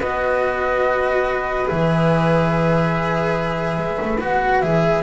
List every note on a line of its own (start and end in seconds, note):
0.00 1.69 B3
0.00 1.65 F#4
0.00 5.03 B4
0.00 1.68 D#5
1.65 3.78 E3
1.65 4.17 G#4
1.65 4.20 E5
3.78 3.99 G#3
4.02 4.21 A3
4.21 4.62 B3
4.21 4.62 F#4
4.21 4.61 F#5
4.61 5.03 E3
4.61 5.03 G#4
4.61 5.03 E5